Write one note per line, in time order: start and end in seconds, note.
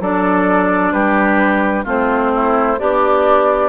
0.00 0.92 F#3
0.00 1.86 D4
0.00 0.94 A4
0.00 0.93 D5
0.92 1.85 G3
0.92 1.85 G4
0.92 1.85 B4
1.85 2.79 A3
1.85 2.78 C4
1.85 2.31 F4
1.85 2.80 C5
2.35 2.79 E4
2.79 3.70 B3
2.79 3.70 D4
2.79 3.70 G4
2.79 3.70 D5